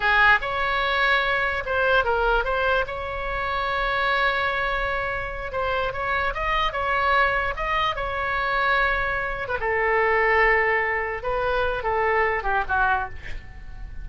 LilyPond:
\new Staff \with { instrumentName = "oboe" } { \time 4/4 \tempo 4 = 147 gis'4 cis''2. | c''4 ais'4 c''4 cis''4~ | cis''1~ | cis''4. c''4 cis''4 dis''8~ |
dis''8 cis''2 dis''4 cis''8~ | cis''2.~ cis''16 b'16 a'8~ | a'2.~ a'8 b'8~ | b'4 a'4. g'8 fis'4 | }